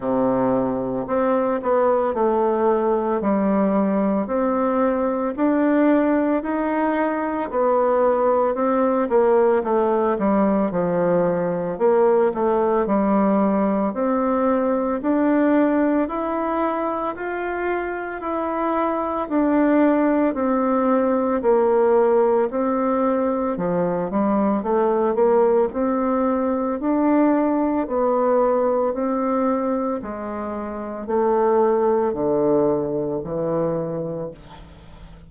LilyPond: \new Staff \with { instrumentName = "bassoon" } { \time 4/4 \tempo 4 = 56 c4 c'8 b8 a4 g4 | c'4 d'4 dis'4 b4 | c'8 ais8 a8 g8 f4 ais8 a8 | g4 c'4 d'4 e'4 |
f'4 e'4 d'4 c'4 | ais4 c'4 f8 g8 a8 ais8 | c'4 d'4 b4 c'4 | gis4 a4 d4 e4 | }